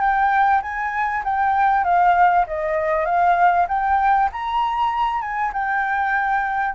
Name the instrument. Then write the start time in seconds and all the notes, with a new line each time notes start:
flute
0.00 G5
0.62 G#5
1.24 G5
1.84 F5
2.47 D#5
3.05 F5
3.68 G5
4.32 A#5
5.21 G#5
5.53 G5